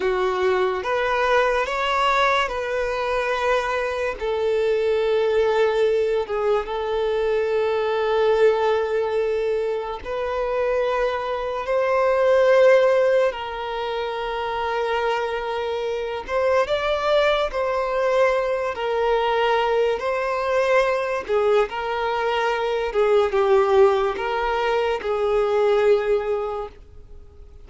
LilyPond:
\new Staff \with { instrumentName = "violin" } { \time 4/4 \tempo 4 = 72 fis'4 b'4 cis''4 b'4~ | b'4 a'2~ a'8 gis'8 | a'1 | b'2 c''2 |
ais'2.~ ais'8 c''8 | d''4 c''4. ais'4. | c''4. gis'8 ais'4. gis'8 | g'4 ais'4 gis'2 | }